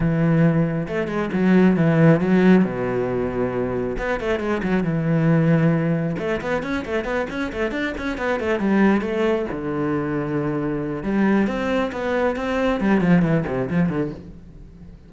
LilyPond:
\new Staff \with { instrumentName = "cello" } { \time 4/4 \tempo 4 = 136 e2 a8 gis8 fis4 | e4 fis4 b,2~ | b,4 b8 a8 gis8 fis8 e4~ | e2 a8 b8 cis'8 a8 |
b8 cis'8 a8 d'8 cis'8 b8 a8 g8~ | g8 a4 d2~ d8~ | d4 g4 c'4 b4 | c'4 g8 f8 e8 c8 f8 d8 | }